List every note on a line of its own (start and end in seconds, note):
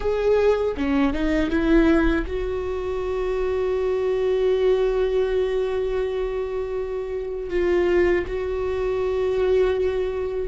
0.00 0.75 G#4
0.76 1.13 C#4
1.13 1.50 D#4
1.50 2.25 E4
2.26 7.49 F#4
7.49 8.24 F4
8.26 10.48 F#4